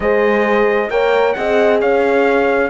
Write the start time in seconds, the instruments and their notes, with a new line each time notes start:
0.00 cello G#3, horn G#4 C5, trumpet D#5
0.90 cello A#3, horn A#4 C#5, trumpet G5
1.33 cello C4, horn G#4 D#5, trumpet F#5
1.81 cello C#4, horn C#5, trumpet F5